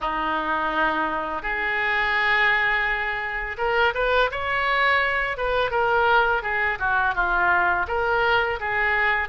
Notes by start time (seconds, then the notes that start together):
0.01 D#4
1.42 G#4
3.57 A#4
3.94 B4
4.31 C#5
5.37 B4
5.70 A#4
6.42 G#4
6.79 F#4
7.15 F4
7.87 A#4
8.60 G#4